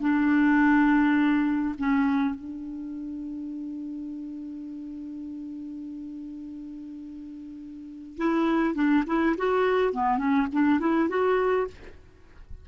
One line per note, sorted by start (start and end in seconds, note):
0.00 1.75 D4
1.78 2.35 C#4
2.35 8.17 D4
8.17 8.74 E4
8.74 9.03 D4
9.06 9.35 E4
9.37 9.93 F#4
9.93 10.18 B3
10.18 10.47 C#4
10.52 10.80 D4
10.80 11.09 E4
11.09 11.67 F#4